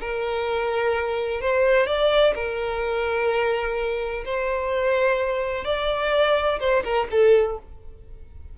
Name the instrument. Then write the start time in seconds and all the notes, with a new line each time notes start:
violin
0.00 A#4
1.41 C5
1.86 D5
2.35 A#4
4.25 C5
5.64 D5
6.59 C5
6.84 A#4
7.10 A4